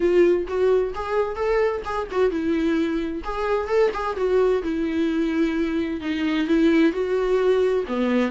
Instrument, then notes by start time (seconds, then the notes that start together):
viola
0.00 F4
0.47 F#4
0.94 G#4
1.35 A4
1.84 G#4
2.11 F#4
2.30 E4
3.23 G#4
3.68 A4
3.93 G#4
4.16 F#4
4.62 E4
6.00 D#4
6.47 E4
6.92 F#4
7.87 B3